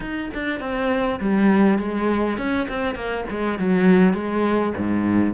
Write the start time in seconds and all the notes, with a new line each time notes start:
0.00 D#4
0.34 D4
0.60 C4
1.20 G3
1.78 G#3
2.37 C#4
2.68 C4
2.95 A#3
3.29 G#3
3.58 F#3
4.13 G#3
4.77 G#2